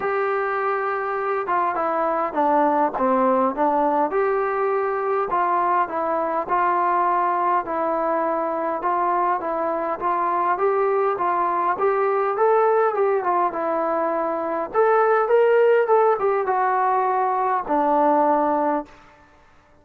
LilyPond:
\new Staff \with { instrumentName = "trombone" } { \time 4/4 \tempo 4 = 102 g'2~ g'8 f'8 e'4 | d'4 c'4 d'4 g'4~ | g'4 f'4 e'4 f'4~ | f'4 e'2 f'4 |
e'4 f'4 g'4 f'4 | g'4 a'4 g'8 f'8 e'4~ | e'4 a'4 ais'4 a'8 g'8 | fis'2 d'2 | }